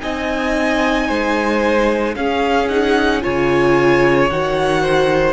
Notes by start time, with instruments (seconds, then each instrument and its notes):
0.00 cello C4, viola D#4, violin D#5 G#5
1.07 cello G#3, violin C5
2.15 viola C#4, cello C#4, violin G#4 F5
2.68 viola D#4, violin F#5
3.21 cello C#3, viola F4, violin C#5 G#5
4.29 cello D#3, viola F#4, violin F#5
4.82 violin C5